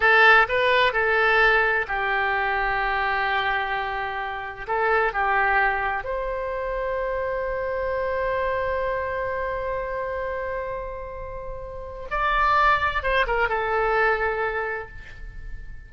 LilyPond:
\new Staff \with { instrumentName = "oboe" } { \time 4/4 \tempo 4 = 129 a'4 b'4 a'2 | g'1~ | g'2 a'4 g'4~ | g'4 c''2.~ |
c''1~ | c''1~ | c''2 d''2 | c''8 ais'8 a'2. | }